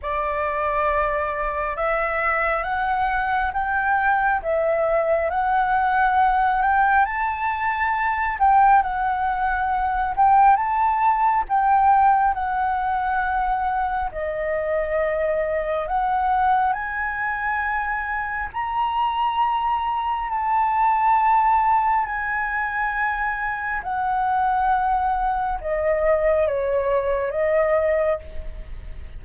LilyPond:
\new Staff \with { instrumentName = "flute" } { \time 4/4 \tempo 4 = 68 d''2 e''4 fis''4 | g''4 e''4 fis''4. g''8 | a''4. g''8 fis''4. g''8 | a''4 g''4 fis''2 |
dis''2 fis''4 gis''4~ | gis''4 ais''2 a''4~ | a''4 gis''2 fis''4~ | fis''4 dis''4 cis''4 dis''4 | }